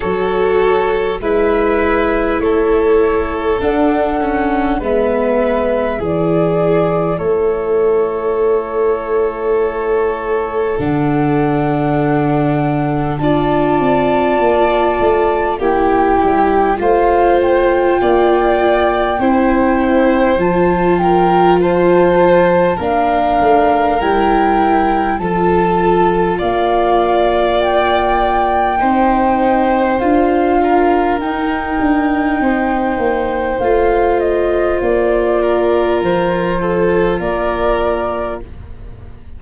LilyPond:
<<
  \new Staff \with { instrumentName = "flute" } { \time 4/4 \tempo 4 = 50 cis''4 e''4 cis''4 fis''4 | e''4 d''4 cis''2~ | cis''4 fis''2 a''4~ | a''4 g''4 f''8 g''4.~ |
g''4 a''8 g''8 a''4 f''4 | g''4 a''4 f''4 g''4~ | g''4 f''4 g''2 | f''8 dis''8 d''4 c''4 d''4 | }
  \new Staff \with { instrumentName = "violin" } { \time 4/4 a'4 b'4 a'2 | b'4 gis'4 a'2~ | a'2. d''4~ | d''4 g'4 c''4 d''4 |
c''4. ais'8 c''4 ais'4~ | ais'4 a'4 d''2 | c''4. ais'4. c''4~ | c''4. ais'4 a'8 ais'4 | }
  \new Staff \with { instrumentName = "viola" } { \time 4/4 fis'4 e'2 d'8 cis'8 | b4 e'2.~ | e'4 d'2 f'4~ | f'4 e'4 f'2 |
e'4 f'2 d'4 | e'4 f'2. | dis'4 f'4 dis'2 | f'1 | }
  \new Staff \with { instrumentName = "tuba" } { \time 4/4 fis4 gis4 a4 d'4 | gis4 e4 a2~ | a4 d2 d'8 c'8 | ais8 a8 ais8 g8 a4 ais4 |
c'4 f2 ais8 a8 | g4 f4 ais2 | c'4 d'4 dis'8 d'8 c'8 ais8 | a4 ais4 f4 ais4 | }
>>